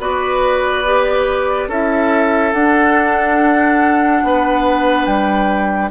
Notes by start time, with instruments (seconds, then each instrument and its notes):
0.00 bassoon B3, clarinet F#4, oboe B4, flute D5
0.86 clarinet G4
1.68 bassoon C#4, clarinet E4, oboe A4, flute E5
2.53 bassoon D4, clarinet D4, flute F#5
4.23 bassoon B3, oboe B4
5.06 bassoon G3, flute G5